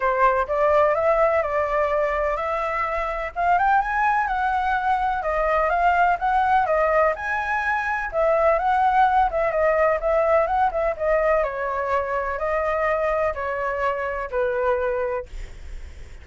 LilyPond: \new Staff \with { instrumentName = "flute" } { \time 4/4 \tempo 4 = 126 c''4 d''4 e''4 d''4~ | d''4 e''2 f''8 g''8 | gis''4 fis''2 dis''4 | f''4 fis''4 dis''4 gis''4~ |
gis''4 e''4 fis''4. e''8 | dis''4 e''4 fis''8 e''8 dis''4 | cis''2 dis''2 | cis''2 b'2 | }